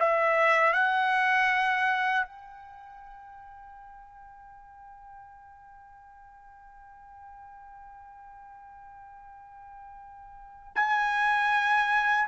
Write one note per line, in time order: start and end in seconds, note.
0.00 0.73 E5
0.73 2.26 F#5
2.26 10.72 G5
10.76 12.28 G#5